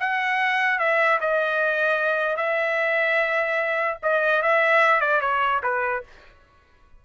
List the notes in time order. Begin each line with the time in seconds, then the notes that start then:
0.00 F#5
0.79 E5
1.21 D#5
2.37 E5
4.02 D#5
4.42 E5
5.01 D5
5.21 C#5
5.63 B4